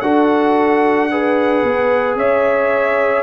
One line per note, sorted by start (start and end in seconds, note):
0.00 1.62 D4
0.00 1.10 F#4
0.00 1.10 A4
0.00 2.14 F#5
1.10 3.23 G#4
1.10 2.17 B4
1.63 2.16 B3
2.16 3.23 C#4
2.16 3.23 C#5
2.16 3.23 E5